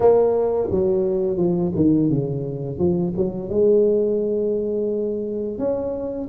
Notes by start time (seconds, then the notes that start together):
0.00 A#3
0.70 F#3
1.37 F3
1.75 D#3
2.10 C#3
2.78 F3
3.16 F#3
3.49 G#3
5.58 C#4